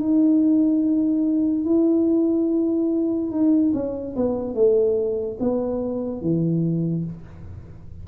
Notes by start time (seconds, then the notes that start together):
0.00 D#4
1.66 E4
3.31 D#4
3.74 C#4
4.16 B3
4.55 A3
5.40 B3
6.22 E3